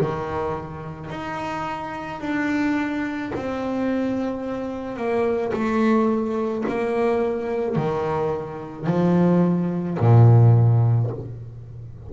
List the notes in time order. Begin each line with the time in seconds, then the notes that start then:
0.00 D#3
1.11 D#4
2.21 D4
3.35 C4
4.97 A#3
5.53 A3
6.68 A#3
7.76 D#3
8.87 F3
10.00 A#2